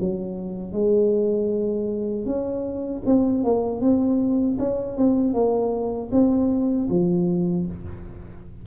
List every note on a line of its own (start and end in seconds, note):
0.00 0.73 F#3
0.73 2.26 G#3
2.26 3.02 C#4
3.06 3.44 C4
3.44 3.81 A#3
3.81 4.58 C4
4.59 4.97 C#4
4.97 5.34 C4
5.34 6.10 A#3
6.12 6.88 C4
6.90 7.66 F3